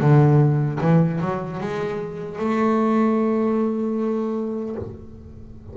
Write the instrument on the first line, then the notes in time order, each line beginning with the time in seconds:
double bass
0.00 D3
0.80 E3
1.21 F#3
1.60 G#3
2.38 A3